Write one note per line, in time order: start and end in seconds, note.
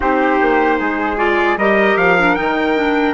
0.00 0.40 C4
0.00 1.17 D#4
0.00 0.77 G4
0.00 1.18 C5
0.40 0.80 A#3
0.78 1.56 G#3
0.78 1.57 G#4
1.17 1.56 F4
1.17 1.57 D5
1.56 1.96 G3
1.56 2.19 G4
1.56 3.13 A#4
1.56 1.97 D#5
1.96 2.35 F3
1.96 2.35 F5
2.19 2.36 D4
2.35 3.13 D#3
2.35 2.75 D#4
2.35 3.13 G5
2.75 3.13 D4